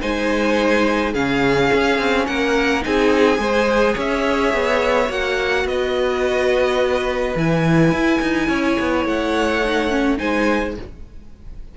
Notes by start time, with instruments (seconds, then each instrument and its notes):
0.00 cello G#3, viola D#4, violin C5 G#5
1.12 cello C#3, viola C#4, violin G#4 F5
1.74 cello C#4
1.99 cello C4
2.26 cello A#3, violin A#4 F#5
2.82 cello C4, viola D#4, violin G#4 G#5
3.37 cello G#3, viola G#4, violin C5
3.94 cello C#4, violin C#5 E5
4.54 cello B3
5.09 cello A#3, viola F#4, violin F#5
5.65 cello B3, violin B4 D#5
7.35 cello E3, viola E4, violin G#5
7.91 cello E4
8.22 cello D#4
8.49 cello C#4, violin C#5
8.80 cello B3
9.05 cello A3, violin F#5
9.64 viola D#4
9.90 viola C#4
10.17 cello G#3, viola D#4, violin C5 G#5